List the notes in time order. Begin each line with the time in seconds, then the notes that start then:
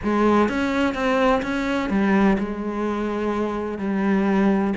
0.03 G#3
0.48 C#4
0.94 C4
1.42 C#4
1.89 G3
2.39 G#3
3.78 G3